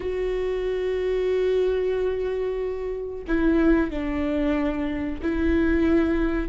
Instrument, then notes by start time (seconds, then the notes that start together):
viola
0.00 F#4
3.27 E4
3.90 D4
5.22 E4